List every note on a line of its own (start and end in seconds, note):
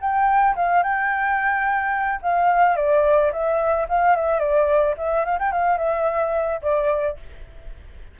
0.00 0.55 G5
0.56 0.83 F5
0.83 2.21 G5
2.22 2.76 F5
2.76 3.32 D5
3.32 3.87 E5
3.89 4.16 F5
4.16 4.40 E5
4.40 4.95 D5
4.98 5.25 E5
5.25 5.39 F5
5.39 5.52 G5
5.52 5.78 F5
5.78 6.61 E5
6.62 7.17 D5